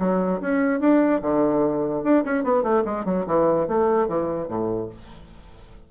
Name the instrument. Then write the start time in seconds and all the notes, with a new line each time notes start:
bassoon
0.00 F#3
0.41 C#4
0.81 D4
1.22 D3
2.04 D4
2.25 C#4
2.44 B3
2.63 A3
2.86 G#3
3.06 F#3
3.27 E3
3.68 A3
4.08 E3
4.49 A2